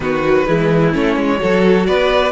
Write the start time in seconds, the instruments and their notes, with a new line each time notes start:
0.00 cello D#3, viola B3, violin F#4 B4
0.25 viola F#3
0.46 cello E3, viola G#3, violin E4
0.92 cello A3, viola C#4, violin C#5
1.16 cello G#3
1.37 cello F#3, viola F#4, violin A4
1.86 cello B3, violin B4 D5